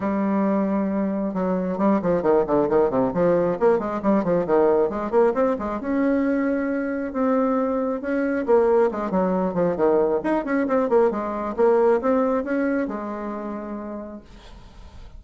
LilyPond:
\new Staff \with { instrumentName = "bassoon" } { \time 4/4 \tempo 4 = 135 g2. fis4 | g8 f8 dis8 d8 dis8 c8 f4 | ais8 gis8 g8 f8 dis4 gis8 ais8 | c'8 gis8 cis'2. |
c'2 cis'4 ais4 | gis8 fis4 f8 dis4 dis'8 cis'8 | c'8 ais8 gis4 ais4 c'4 | cis'4 gis2. | }